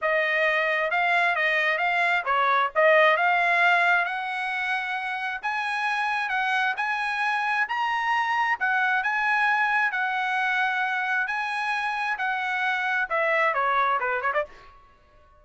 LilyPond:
\new Staff \with { instrumentName = "trumpet" } { \time 4/4 \tempo 4 = 133 dis''2 f''4 dis''4 | f''4 cis''4 dis''4 f''4~ | f''4 fis''2. | gis''2 fis''4 gis''4~ |
gis''4 ais''2 fis''4 | gis''2 fis''2~ | fis''4 gis''2 fis''4~ | fis''4 e''4 cis''4 b'8 cis''16 d''16 | }